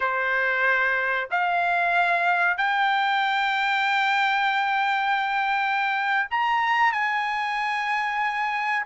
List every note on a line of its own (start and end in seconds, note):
0.00 1.29 C5
1.30 2.57 F5
2.57 6.28 G5
6.30 6.92 A#5
6.92 8.86 G#5